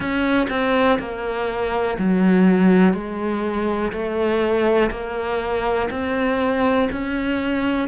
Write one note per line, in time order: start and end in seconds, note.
0.00 0.47 C#4
0.49 0.98 C4
0.99 1.97 A#3
1.98 2.93 F#3
2.93 3.92 G#3
3.92 4.90 A3
4.90 5.89 A#3
5.90 6.89 C4
6.91 7.88 C#4